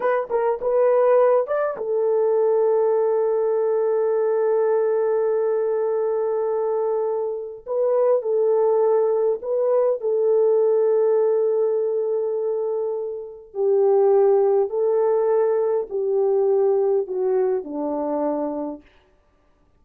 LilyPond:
\new Staff \with { instrumentName = "horn" } { \time 4/4 \tempo 4 = 102 b'8 ais'8 b'4. d''8 a'4~ | a'1~ | a'1~ | a'4 b'4 a'2 |
b'4 a'2.~ | a'2. g'4~ | g'4 a'2 g'4~ | g'4 fis'4 d'2 | }